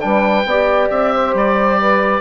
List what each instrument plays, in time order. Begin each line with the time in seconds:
0.00 bassoon G3, trombone D4, saxophone B4, oboe G5
0.45 bassoon B3, trombone G4, saxophone D5
0.90 bassoon C4, oboe E5
1.13 saxophone C5
1.34 bassoon G3, oboe D5
1.80 saxophone B4